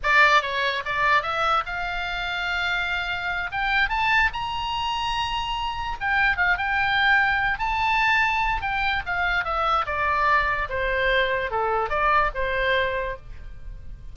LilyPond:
\new Staff \with { instrumentName = "oboe" } { \time 4/4 \tempo 4 = 146 d''4 cis''4 d''4 e''4 | f''1~ | f''8 g''4 a''4 ais''4.~ | ais''2~ ais''8 g''4 f''8 |
g''2~ g''8 a''4.~ | a''4 g''4 f''4 e''4 | d''2 c''2 | a'4 d''4 c''2 | }